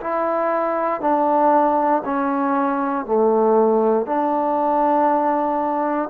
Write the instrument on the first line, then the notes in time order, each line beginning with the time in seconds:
trombone
0.00 E4
1.01 D4
2.05 C#4
3.05 A3
4.06 D4